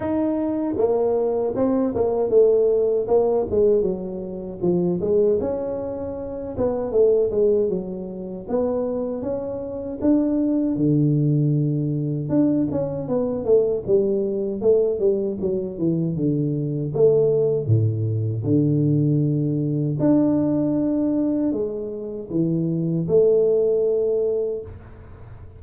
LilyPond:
\new Staff \with { instrumentName = "tuba" } { \time 4/4 \tempo 4 = 78 dis'4 ais4 c'8 ais8 a4 | ais8 gis8 fis4 f8 gis8 cis'4~ | cis'8 b8 a8 gis8 fis4 b4 | cis'4 d'4 d2 |
d'8 cis'8 b8 a8 g4 a8 g8 | fis8 e8 d4 a4 a,4 | d2 d'2 | gis4 e4 a2 | }